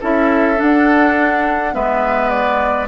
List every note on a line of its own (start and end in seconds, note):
0.00 0.59 C#4
0.00 0.56 E4
0.00 1.73 A4
0.00 0.61 E5
0.56 1.71 D4
0.56 1.75 D4
0.56 1.74 F#5
1.71 2.88 G#3
1.71 2.87 B3
1.71 2.88 B4
1.71 2.29 E5
2.29 2.87 D5